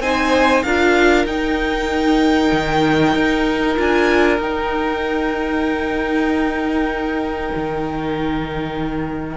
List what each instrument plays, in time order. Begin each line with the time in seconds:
0.00 cello C4, viola D#4, violin C5 G#5
0.63 cello D4, viola F4, violin A#4 F5
1.26 cello D#4, viola D#4, violin G5
2.52 cello D#3
3.15 cello D#4
3.76 cello D4, viola F4, violin G#5
4.38 cello D#4, viola D#4, violin G5
7.56 cello D#3